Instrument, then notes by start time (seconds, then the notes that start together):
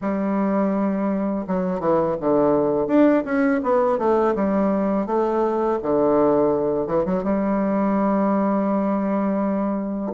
bassoon
0.01 G3
1.47 F#3
1.79 E3
2.20 D3
2.87 D4
3.24 C#4
3.63 B3
3.98 A3
4.35 G3
5.06 A3
5.82 D3
6.86 E3
7.05 F#3
7.23 G3